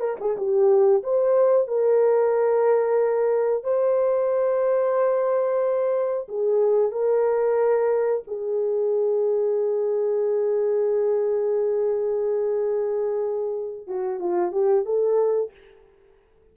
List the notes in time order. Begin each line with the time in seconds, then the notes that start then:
0.00 A#4
0.20 G#4
0.37 G4
1.03 C5
1.68 A#4
3.64 C5
6.28 G#4
6.92 A#4
8.27 G#4
13.87 F#4
14.20 F4
14.52 G4
14.86 A4